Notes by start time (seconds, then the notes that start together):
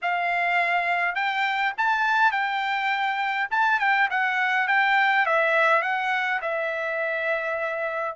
0.02 F5
1.15 G5
1.77 A5
2.31 G5
3.50 A5
3.79 G5
4.10 F#5
4.67 G5
5.26 E5
5.81 F#5
6.41 E5